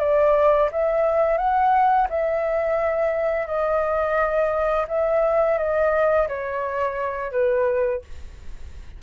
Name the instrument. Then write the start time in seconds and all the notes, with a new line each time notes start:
flute
0.00 D5
0.72 E5
1.38 F#5
2.10 E5
3.47 D#5
4.88 E5
5.58 D#5
6.28 C#5
7.32 B4